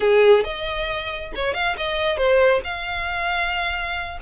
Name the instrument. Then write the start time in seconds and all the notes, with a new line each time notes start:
violin
0.00 G#4
0.44 D#5
1.35 C#5
1.54 F5
1.77 D#5
2.17 C5
2.64 F5